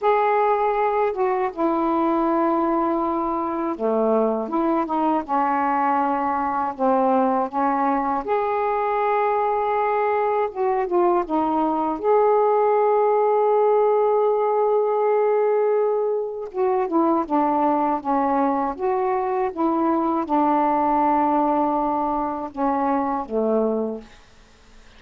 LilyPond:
\new Staff \with { instrumentName = "saxophone" } { \time 4/4 \tempo 4 = 80 gis'4. fis'8 e'2~ | e'4 a4 e'8 dis'8 cis'4~ | cis'4 c'4 cis'4 gis'4~ | gis'2 fis'8 f'8 dis'4 |
gis'1~ | gis'2 fis'8 e'8 d'4 | cis'4 fis'4 e'4 d'4~ | d'2 cis'4 a4 | }